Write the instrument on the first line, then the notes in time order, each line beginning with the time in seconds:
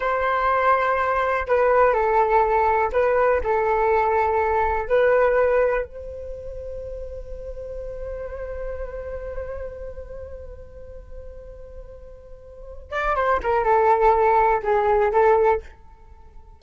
flute
0.00 C5
1.47 B4
1.93 A4
2.92 B4
3.43 A4
4.88 B4
5.85 C5
12.91 D5
13.15 C5
13.42 A#4
13.64 A4
14.63 G#4
15.12 A4